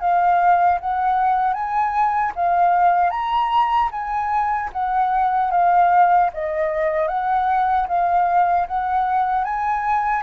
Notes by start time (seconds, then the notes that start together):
0.00 F5
0.80 F#5
1.53 G#5
2.35 F5
3.10 A#5
3.91 G#5
4.72 F#5
5.51 F5
6.33 D#5
7.08 F#5
7.88 F5
8.67 F#5
9.44 G#5